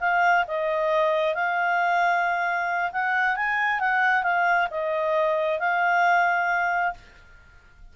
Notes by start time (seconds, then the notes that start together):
0.00 F5
0.47 D#5
1.34 F5
2.92 F#5
3.36 G#5
3.79 F#5
4.23 F5
4.70 D#5
5.59 F5